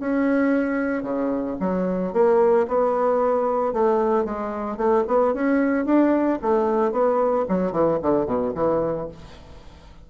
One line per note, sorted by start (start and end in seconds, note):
0.00 1.03 C#4
1.03 1.57 C#3
1.60 2.13 F#3
2.13 2.67 A#3
2.68 3.73 B3
3.73 4.25 A3
4.25 4.77 G#3
4.77 5.04 A3
5.07 5.34 B3
5.34 5.86 C#4
5.86 6.39 D4
6.42 6.92 A3
6.92 7.46 B3
7.49 7.72 F#3
7.72 7.99 E3
8.02 8.26 D3
8.26 8.53 B2
8.55 9.08 E3